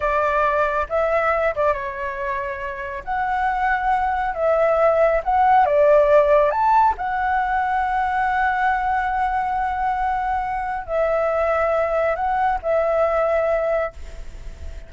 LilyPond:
\new Staff \with { instrumentName = "flute" } { \time 4/4 \tempo 4 = 138 d''2 e''4. d''8 | cis''2. fis''4~ | fis''2 e''2 | fis''4 d''2 a''4 |
fis''1~ | fis''1~ | fis''4 e''2. | fis''4 e''2. | }